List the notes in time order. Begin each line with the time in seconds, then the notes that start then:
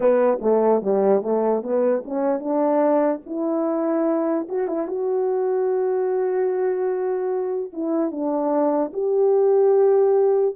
0.00 B3
0.41 A3
0.82 G3
1.22 A3
1.62 B3
2.05 C#4
2.39 D4
3.26 E4
4.48 F#4
4.67 E4
4.87 F#4
7.72 E4
8.11 D4
8.93 G4